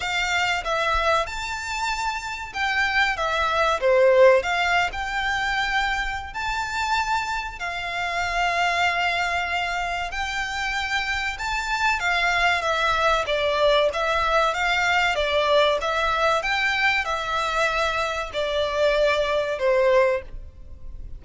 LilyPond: \new Staff \with { instrumentName = "violin" } { \time 4/4 \tempo 4 = 95 f''4 e''4 a''2 | g''4 e''4 c''4 f''8. g''16~ | g''2 a''2 | f''1 |
g''2 a''4 f''4 | e''4 d''4 e''4 f''4 | d''4 e''4 g''4 e''4~ | e''4 d''2 c''4 | }